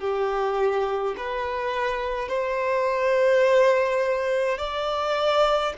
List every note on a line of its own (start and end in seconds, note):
0.00 1.15 G4
1.17 2.28 B4
2.28 4.58 C5
4.58 5.73 D5